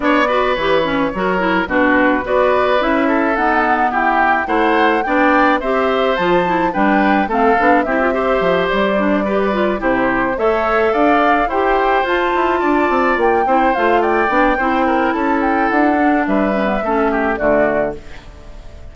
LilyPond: <<
  \new Staff \with { instrumentName = "flute" } { \time 4/4 \tempo 4 = 107 d''4 cis''2 b'4 | d''4 e''4 fis''4 g''4 | fis''4 g''4 e''4 a''4 | g''4 f''4 e''4. d''8~ |
d''4. c''4 e''4 f''8~ | f''8 g''4 a''2 g''8~ | g''8 f''8 g''2 a''8 g''8 | fis''4 e''2 d''4 | }
  \new Staff \with { instrumentName = "oboe" } { \time 4/4 cis''8 b'4. ais'4 fis'4 | b'4. a'4. g'4 | c''4 d''4 c''2 | b'4 a'4 g'8 c''4.~ |
c''8 b'4 g'4 cis''4 d''8~ | d''8 c''2 d''4. | c''4 d''4 c''8 ais'8 a'4~ | a'4 b'4 a'8 g'8 fis'4 | }
  \new Staff \with { instrumentName = "clarinet" } { \time 4/4 d'8 fis'8 g'8 cis'8 fis'8 e'8 d'4 | fis'4 e'4 b2 | e'4 d'4 g'4 f'8 e'8 | d'4 c'8 d'8 e'16 f'16 g'4. |
d'8 g'8 f'8 e'4 a'4.~ | a'8 g'4 f'2~ f'8 | e'8 f'4 d'8 e'2~ | e'8 d'4 cis'16 b16 cis'4 a4 | }
  \new Staff \with { instrumentName = "bassoon" } { \time 4/4 b4 e4 fis4 b,4 | b4 cis'4 dis'4 e'4 | a4 b4 c'4 f4 | g4 a8 b8 c'4 f8 g8~ |
g4. c4 a4 d'8~ | d'8 e'4 f'8 e'8 d'8 c'8 ais8 | c'8 a4 b8 c'4 cis'4 | d'4 g4 a4 d4 | }
>>